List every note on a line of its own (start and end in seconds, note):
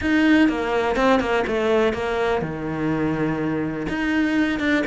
0.01 0.48 D#4
0.48 0.96 A#3
0.96 1.20 C4
1.20 1.44 A#3
1.47 1.93 A3
1.93 2.41 A#3
2.41 3.86 D#3
3.88 4.59 D#4
4.59 4.83 D4